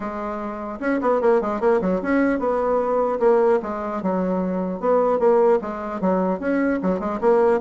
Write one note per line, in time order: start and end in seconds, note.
0.00 0.79 G#3
0.79 0.99 C#4
1.01 1.21 B3
1.21 1.41 A#3
1.41 1.60 G#3
1.60 1.80 A#3
1.81 2.01 F#3
2.01 2.39 C#4
2.39 3.19 B3
3.19 3.59 A#3
3.62 4.02 G#3
4.02 4.80 F#3
4.80 5.19 B3
5.19 5.59 A#3
5.61 6.01 G#3
6.01 6.39 F#3
6.39 6.79 C#4
6.82 6.99 F#3
6.99 7.19 G#3
7.20 7.60 A#3